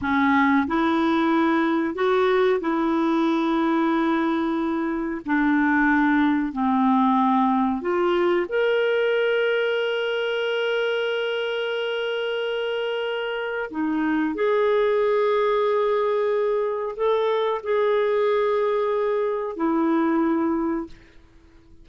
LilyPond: \new Staff \with { instrumentName = "clarinet" } { \time 4/4 \tempo 4 = 92 cis'4 e'2 fis'4 | e'1 | d'2 c'2 | f'4 ais'2.~ |
ais'1~ | ais'4 dis'4 gis'2~ | gis'2 a'4 gis'4~ | gis'2 e'2 | }